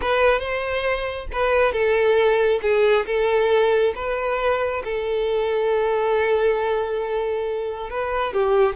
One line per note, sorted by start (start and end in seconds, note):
0.01 0.39 B4
0.39 1.26 C5
1.32 1.72 B4
1.72 2.60 A4
2.62 3.05 G#4
3.06 3.93 A4
3.95 4.82 B4
4.84 7.90 A4
7.90 8.33 B4
8.33 8.75 G4